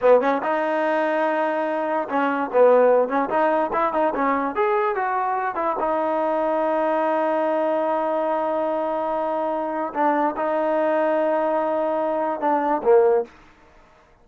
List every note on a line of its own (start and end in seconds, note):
0.01 0.21 B3
0.21 0.41 C#4
0.42 2.08 D#4
2.09 2.50 C#4
2.52 3.08 B3
3.08 3.29 C#4
3.29 3.71 D#4
3.72 3.93 E4
3.93 4.13 D#4
4.15 4.55 C#4
4.55 4.95 G#4
4.95 5.55 F#4
5.55 5.76 E4
5.79 9.93 D#4
9.93 10.35 D4
10.36 12.40 D#4
12.40 12.81 D4
12.83 13.24 A#3